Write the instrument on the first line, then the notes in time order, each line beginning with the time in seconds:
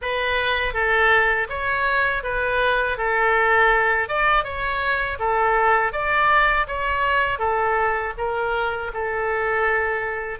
oboe
0.01 B4
0.73 A4
1.49 C#5
2.23 B4
2.97 A4
4.08 D5
4.43 C#5
5.19 A4
5.92 D5
6.67 C#5
7.39 A4
8.17 A#4
8.93 A4